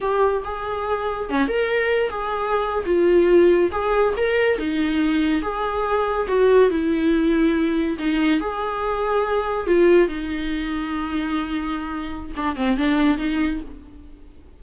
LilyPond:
\new Staff \with { instrumentName = "viola" } { \time 4/4 \tempo 4 = 141 g'4 gis'2 cis'8 ais'8~ | ais'4 gis'4.~ gis'16 f'4~ f'16~ | f'8. gis'4 ais'4 dis'4~ dis'16~ | dis'8. gis'2 fis'4 e'16~ |
e'2~ e'8. dis'4 gis'16~ | gis'2~ gis'8. f'4 dis'16~ | dis'1~ | dis'4 d'8 c'8 d'4 dis'4 | }